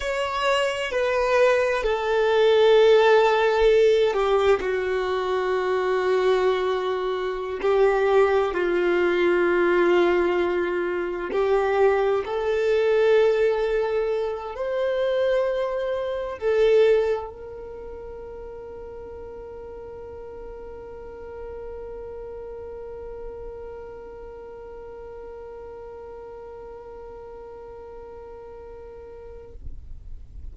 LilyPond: \new Staff \with { instrumentName = "violin" } { \time 4/4 \tempo 4 = 65 cis''4 b'4 a'2~ | a'8 g'8 fis'2.~ | fis'16 g'4 f'2~ f'8.~ | f'16 g'4 a'2~ a'8 c''16~ |
c''4.~ c''16 a'4 ais'4~ ais'16~ | ais'1~ | ais'1~ | ais'1 | }